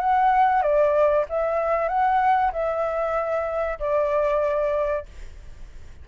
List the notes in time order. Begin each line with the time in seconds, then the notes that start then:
0.00 F#5
0.62 D5
1.29 E5
1.88 F#5
2.53 E5
3.79 D5